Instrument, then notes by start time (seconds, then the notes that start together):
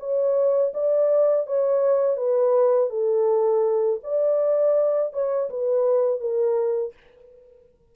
horn
0.00 C#5
0.74 D5
1.47 C#5
2.17 B4
2.90 A4
4.03 D5
5.13 C#5
5.50 B4
6.20 A#4